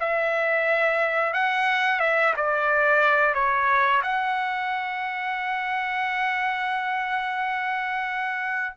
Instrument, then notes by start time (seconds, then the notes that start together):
trumpet
0.00 E5
1.33 F#5
2.00 E5
2.37 D5
3.35 C#5
4.03 F#5